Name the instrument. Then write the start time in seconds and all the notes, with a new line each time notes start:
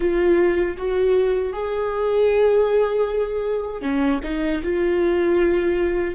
viola
0.00 F4
0.77 F#4
1.52 G#4
3.81 C#4
4.23 D#4
4.63 F4